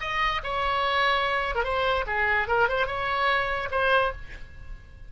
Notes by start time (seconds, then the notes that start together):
0.00 D#5
0.43 C#5
1.55 A#4
1.64 C5
2.06 G#4
2.48 A#4
2.68 C5
2.86 C#5
3.71 C5